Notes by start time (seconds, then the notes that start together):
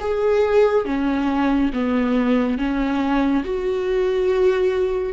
0.00 G#4
0.85 C#4
1.73 B3
2.58 C#4
3.44 F#4